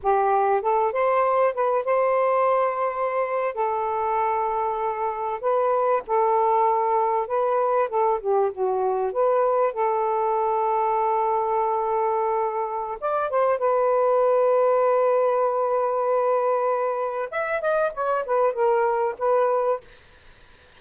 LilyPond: \new Staff \with { instrumentName = "saxophone" } { \time 4/4 \tempo 4 = 97 g'4 a'8 c''4 b'8 c''4~ | c''4.~ c''16 a'2~ a'16~ | a'8. b'4 a'2 b'16~ | b'8. a'8 g'8 fis'4 b'4 a'16~ |
a'1~ | a'4 d''8 c''8 b'2~ | b'1 | e''8 dis''8 cis''8 b'8 ais'4 b'4 | }